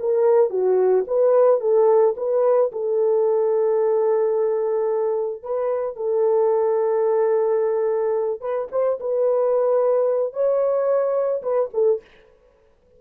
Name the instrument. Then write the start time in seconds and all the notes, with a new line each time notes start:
horn
0.00 A#4
0.51 F#4
1.08 B4
1.61 A4
2.17 B4
2.72 A4
5.43 B4
5.97 A4
8.41 B4
8.72 C5
9.00 B4
10.33 C#5
11.43 B4
11.74 A4